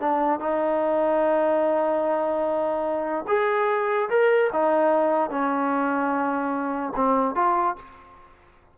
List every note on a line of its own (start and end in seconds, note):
0.00 0.40 D4
0.40 3.25 D#4
3.27 4.09 G#4
4.10 4.50 A#4
4.53 5.30 D#4
5.30 6.93 C#4
6.95 7.35 C4
7.35 7.76 F4